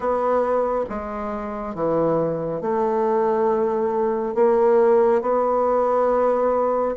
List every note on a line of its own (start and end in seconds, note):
0.00 0.85 B3
0.89 1.74 G#3
1.74 2.61 E3
2.61 4.34 A3
4.34 5.21 A#3
5.21 6.95 B3